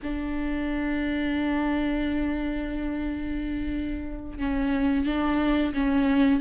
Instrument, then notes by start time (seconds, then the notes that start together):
viola
0.02 D4
4.38 C#4
5.05 D4
5.73 C#4